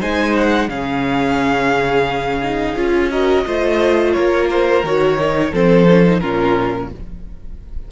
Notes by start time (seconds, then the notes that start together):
0.00 G#3 D#4 C5 G#5
0.37 F#5
0.68 C#3 C#4 G#4 F5
2.43 D#4
2.76 C#4 F4
3.11 F#4 A#4 D#5
3.46 A3 F4 C5
4.13 A#3 A#4 C#5
4.51 C5
4.84 D#3 F#4 C#5
5.18 D#4
5.51 F3 C4 A4 C5
5.90 C#4
6.06 D#4
6.20 A#2 C#4 F4 A#4